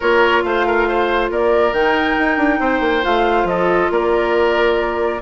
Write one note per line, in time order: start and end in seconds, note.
0.00 0.43 A#3
0.00 1.74 F4
0.00 0.42 A#4
0.00 0.42 C#5
0.42 1.30 A3
0.42 0.66 C5
0.42 1.29 F5
0.66 0.88 A#4
0.88 1.30 C5
1.30 1.72 A#3
1.30 2.60 A#4
1.30 1.73 D5
1.72 2.15 D#3
1.72 3.02 D#4
1.72 3.04 G5
2.18 2.37 D#4
2.37 2.59 D4
2.59 2.80 C4
2.59 3.47 C5
2.80 3.02 A#3
3.02 3.44 A3
3.02 5.19 F4
3.02 3.47 F5
3.44 3.87 F3
3.44 3.91 A4
3.44 3.90 D#5
3.90 5.21 A#3
3.90 5.21 A#4
3.90 5.21 D5